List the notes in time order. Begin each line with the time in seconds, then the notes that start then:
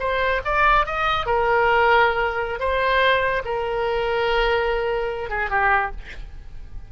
0.00 C5
0.45 D5
0.86 D#5
1.26 A#4
2.60 C5
3.45 A#4
5.30 G#4
5.50 G4